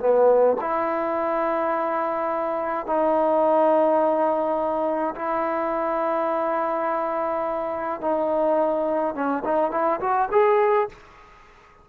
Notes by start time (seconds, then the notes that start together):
0.00 B3
0.61 E4
2.86 D#4
5.15 E4
8.01 D#4
9.15 C#4
9.45 D#4
9.71 E4
10.01 F#4
10.32 G#4